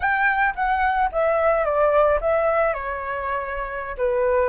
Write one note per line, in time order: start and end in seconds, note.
0.00 0.54 G5
0.55 1.10 F#5
1.12 1.64 E5
1.64 2.19 D5
2.20 2.73 E5
2.73 3.96 C#5
3.97 4.49 B4